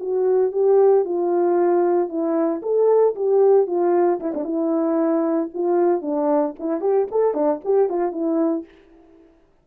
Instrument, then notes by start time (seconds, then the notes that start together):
horn
0.00 F#4
0.52 G4
1.05 F4
2.09 E4
2.62 A4
3.15 G4
3.67 F4
4.20 E4
4.35 D4
4.44 E4
5.54 F4
6.02 D4
6.59 E4
6.81 G4
7.11 A4
7.34 D4
7.65 G4
7.89 F4
8.12 E4